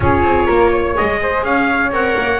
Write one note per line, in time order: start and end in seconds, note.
0.00 0.23 C#4
0.00 0.94 F4
0.00 0.46 G#4
0.00 0.96 C#5
0.23 0.47 C4
0.46 0.96 A#3
0.46 0.70 A#4
0.71 1.19 C#5
0.94 1.43 G#3
0.94 1.90 G#4
0.94 1.44 D#5
1.22 1.46 C5
1.43 1.91 C#4
1.43 2.40 C#5
1.43 1.92 F5
1.91 2.15 C4
1.91 2.40 A#4
1.91 2.40 F#5
2.17 2.40 A#3